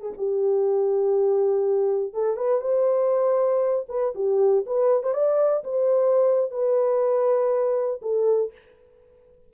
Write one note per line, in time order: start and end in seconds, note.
0.00 0.12 G#4
0.17 2.14 G4
2.14 2.36 A4
2.36 2.61 B4
2.61 3.86 C5
3.89 4.14 B4
4.15 4.65 G4
4.66 5.03 B4
5.03 5.13 C5
5.13 5.63 D5
5.64 6.51 C5
6.51 8.01 B4
8.02 8.52 A4